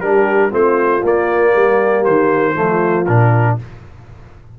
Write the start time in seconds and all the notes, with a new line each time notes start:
0.00 G3 D4 G4 A#4
0.50 A3 C4 F4 C5
1.03 A#3 D5
1.52 G3 G4
2.04 D#3 C5
2.53 F3 A3 F4
3.05 A#2 D4 A#4